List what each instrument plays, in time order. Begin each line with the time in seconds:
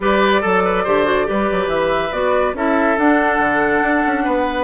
0.00 bassoon G3, clarinet G4, oboe B4, flute D5
0.41 bassoon F#3, oboe A4, clarinet A4
0.65 oboe B4
0.83 bassoon D3, clarinet G4, oboe C5
1.04 clarinet F#4
1.25 bassoon G3, clarinet G4, oboe B4
1.51 bassoon F#3
1.67 bassoon E3, flute E5
2.11 bassoon B3, clarinet F#4, flute D5
2.54 bassoon C#4, clarinet E4, oboe A4, flute E5
2.97 bassoon D4, clarinet D4, flute F#5
3.38 bassoon D3
3.82 bassoon D4
4.06 bassoon C#4
4.23 bassoon B3, oboe B4